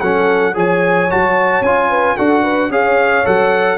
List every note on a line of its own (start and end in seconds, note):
0.00 0.56 F#3
0.00 0.54 C#4
0.00 0.55 A4
0.00 0.54 F#5
0.54 1.10 F3
0.54 1.08 G#4
0.54 1.89 C#5
0.54 1.11 G#5
1.10 1.61 F#3
1.10 1.64 F#4
1.10 1.63 A5
1.61 2.15 C#4
1.61 2.17 F4
1.61 2.17 G#5
1.89 2.16 B4
2.16 2.69 D4
2.16 2.71 F#4
2.16 2.42 A4
2.16 2.71 F#5
2.42 2.69 B4
2.69 3.24 C#4
2.69 3.24 G#4
2.69 3.78 C#5
2.69 3.26 F5
3.24 3.78 F#3
3.24 3.78 A4
3.24 3.78 F#5